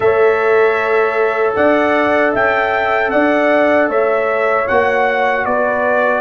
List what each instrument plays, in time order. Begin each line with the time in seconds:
0.00 tuba A3, trombone A4, horn C#5, trumpet E5
1.55 tuba D4, horn D5, trumpet F#5
2.33 tuba C#4, horn E5, trumpet G5
3.10 tuba D4, horn D5, trumpet F#5
3.88 tuba A3, horn C#5, trumpet E5
4.67 tuba A#3, trombone F#4, trumpet F#5
5.45 tuba B3, horn B4, trumpet D5